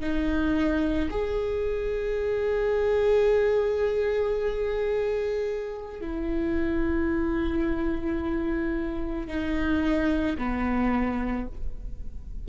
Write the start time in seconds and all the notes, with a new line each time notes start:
0.00 D#4
1.10 G#4
6.00 E4
9.27 D#4
10.37 B3